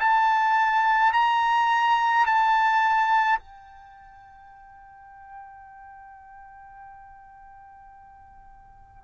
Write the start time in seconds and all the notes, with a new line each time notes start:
0.00 A5
1.13 A#5
2.26 A5
3.39 G5